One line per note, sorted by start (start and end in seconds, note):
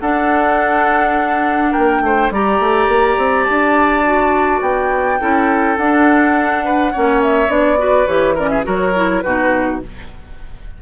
0.00 2.31 D4
0.00 1.74 D4
0.00 1.71 A4
0.00 1.72 F#5
1.71 2.00 A#3
1.71 2.00 A#4
1.71 2.30 G5
2.00 2.29 A3
2.00 2.33 C5
2.31 2.59 G3
2.31 4.05 G4
2.31 5.20 D5
2.31 3.44 A#5
2.59 2.88 A3
2.88 3.16 A#3
3.17 3.46 C4
3.44 4.61 D4
3.44 4.59 A5
4.05 5.19 F#4
4.61 5.19 B3
4.61 5.77 G5
5.19 5.77 C#4
5.19 5.77 E4
5.19 6.64 A4
5.77 6.93 D4
5.77 6.94 D4
5.77 7.22 F#5
6.64 6.92 B4
6.92 7.49 A#3
6.92 7.48 C#4
6.92 7.79 C#5
7.22 7.50 E5
7.48 8.06 B3
7.48 7.76 D4
7.48 8.06 D5
7.77 8.06 F#4
7.77 8.34 B4
8.06 8.65 E3
8.06 8.36 G4
8.06 8.35 C#5
8.34 8.63 C#4
8.34 8.49 A#4
8.34 8.49 D5
8.49 8.65 G#4
8.49 8.63 E5
8.63 9.24 F#3
8.63 8.92 F#4
8.63 9.23 A#4
8.63 9.21 C#5
8.95 9.24 E4
9.21 9.82 B2
9.21 9.82 D#4
9.21 9.81 F#4
9.21 9.79 B4